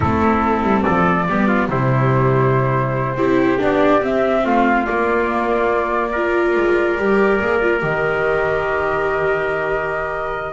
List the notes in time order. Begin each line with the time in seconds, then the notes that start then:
0.00 A3 C4 E4 A4
0.62 G3
0.83 F3 A4 D5
1.28 G3 B3 G4
1.47 F4
1.68 C3 G3 E4 C5
3.16 C4 E4 G4
3.58 B3 D4 D5
4.01 C4 E5
4.44 A3 F4 F5
4.85 A#3 D5
6.11 F4 A#4
6.56 G#3
6.97 G3 G4
7.40 A#3 G#4
7.62 F4
7.79 D#3 G4 D#5